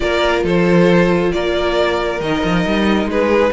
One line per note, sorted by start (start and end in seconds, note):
0.00 0.43 A#3
0.00 2.20 F4
0.00 0.43 A#4
0.00 0.42 D5
0.43 1.32 F3
0.43 1.32 A4
0.43 1.32 C5
1.32 2.20 A#3
1.32 3.10 A#4
1.32 2.20 D5
2.20 2.42 D#3
2.20 3.53 D#4
2.20 3.09 D#5
2.43 2.65 F3
2.65 3.05 G3
3.05 3.49 G#3
3.05 3.53 G#4
3.05 3.53 B4